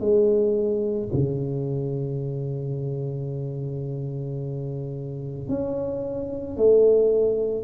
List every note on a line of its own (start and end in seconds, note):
0.00 1.09 G#3
1.13 5.49 C#3
5.49 6.57 C#4
6.57 7.64 A3